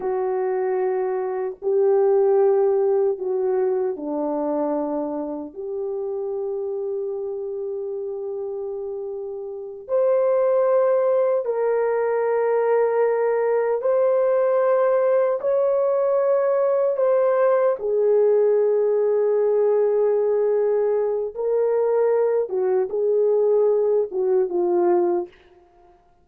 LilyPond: \new Staff \with { instrumentName = "horn" } { \time 4/4 \tempo 4 = 76 fis'2 g'2 | fis'4 d'2 g'4~ | g'1~ | g'8 c''2 ais'4.~ |
ais'4. c''2 cis''8~ | cis''4. c''4 gis'4.~ | gis'2. ais'4~ | ais'8 fis'8 gis'4. fis'8 f'4 | }